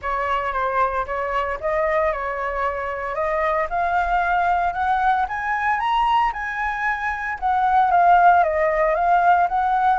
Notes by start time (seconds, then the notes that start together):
0.01 C#5
0.52 C5
1.06 C#5
1.60 D#5
2.12 C#5
3.14 D#5
3.69 F5
4.73 F#5
5.28 G#5
5.79 A#5
6.33 G#5
7.39 F#5
7.91 F5
8.43 D#5
8.94 F5
9.48 F#5